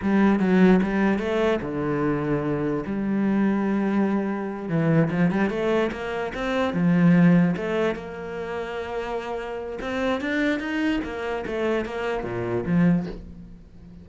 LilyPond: \new Staff \with { instrumentName = "cello" } { \time 4/4 \tempo 4 = 147 g4 fis4 g4 a4 | d2. g4~ | g2.~ g8 e8~ | e8 f8 g8 a4 ais4 c'8~ |
c'8 f2 a4 ais8~ | ais1 | c'4 d'4 dis'4 ais4 | a4 ais4 ais,4 f4 | }